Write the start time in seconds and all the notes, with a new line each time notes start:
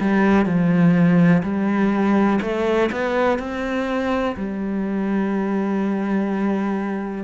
0.00 G3
0.46 F3
1.43 G3
2.41 A3
2.91 B3
3.39 C4
4.36 G3